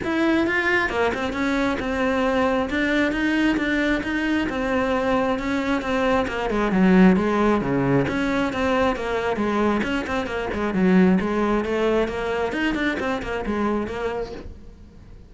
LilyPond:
\new Staff \with { instrumentName = "cello" } { \time 4/4 \tempo 4 = 134 e'4 f'4 ais8 c'8 cis'4 | c'2 d'4 dis'4 | d'4 dis'4 c'2 | cis'4 c'4 ais8 gis8 fis4 |
gis4 cis4 cis'4 c'4 | ais4 gis4 cis'8 c'8 ais8 gis8 | fis4 gis4 a4 ais4 | dis'8 d'8 c'8 ais8 gis4 ais4 | }